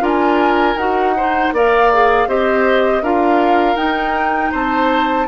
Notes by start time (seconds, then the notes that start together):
0.00 D4 F4 A#4 G#5
0.75 D#4 F#4 F#5
1.16 D#4 C5
1.52 A#3 A#4 D5 F5
1.93 G#4
2.27 C4 G4 C5 D#5
3.01 D4 F4 A#4 F5
3.76 D#4 G5
4.51 C4 C5 A5